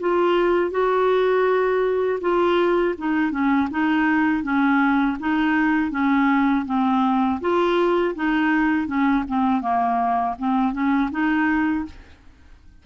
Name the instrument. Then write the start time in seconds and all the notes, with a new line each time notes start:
clarinet
0.00 F4
0.71 F#4
2.21 F4
2.98 D#4
3.31 C#4
3.71 D#4
4.43 C#4
5.20 D#4
5.91 C#4
6.66 C4
7.41 F4
8.15 D#4
8.87 C#4
9.28 C4
9.61 A#3
10.39 C4
10.73 C#4
11.11 D#4